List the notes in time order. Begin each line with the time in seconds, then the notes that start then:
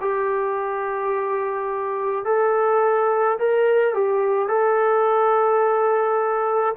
0.00 G4
2.24 A4
3.39 A#4
3.94 G4
4.48 A4